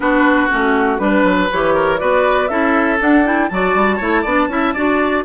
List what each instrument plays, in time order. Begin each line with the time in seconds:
0.00 bassoon B3, clarinet D4, oboe F#4, flute B4
0.49 bassoon A3, clarinet C#4, flute F#4
0.98 bassoon G3, clarinet D4, flute B4, oboe B4
1.23 bassoon F#3
1.51 bassoon E3, clarinet G4, flute C#5
1.74 oboe A#4
1.98 bassoon B3, clarinet F#4, oboe B4, flute D5
2.48 bassoon C#4, clarinet E4, oboe A4, flute E5
2.99 clarinet D4, bassoon D4, flute F#5
3.24 clarinet E4, flute G5
3.48 bassoon F#3, clarinet F#4, oboe D5, flute A5
3.74 bassoon G3
3.96 bassoon A3, clarinet E4, oboe C#5
4.22 bassoon B3, clarinet D4, oboe D5
4.48 bassoon C#4, clarinet E4, oboe E5
4.74 bassoon D4, clarinet F#4, oboe D5